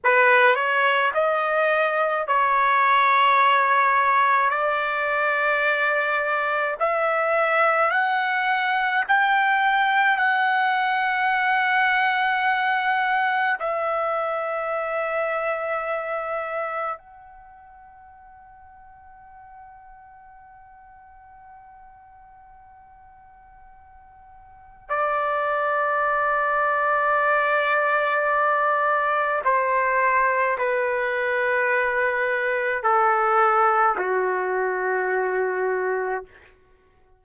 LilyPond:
\new Staff \with { instrumentName = "trumpet" } { \time 4/4 \tempo 4 = 53 b'8 cis''8 dis''4 cis''2 | d''2 e''4 fis''4 | g''4 fis''2. | e''2. fis''4~ |
fis''1~ | fis''2 d''2~ | d''2 c''4 b'4~ | b'4 a'4 fis'2 | }